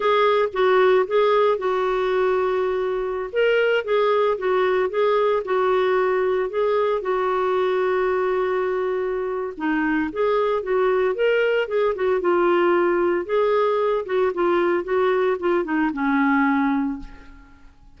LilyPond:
\new Staff \with { instrumentName = "clarinet" } { \time 4/4 \tempo 4 = 113 gis'4 fis'4 gis'4 fis'4~ | fis'2~ fis'16 ais'4 gis'8.~ | gis'16 fis'4 gis'4 fis'4.~ fis'16~ | fis'16 gis'4 fis'2~ fis'8.~ |
fis'2 dis'4 gis'4 | fis'4 ais'4 gis'8 fis'8 f'4~ | f'4 gis'4. fis'8 f'4 | fis'4 f'8 dis'8 cis'2 | }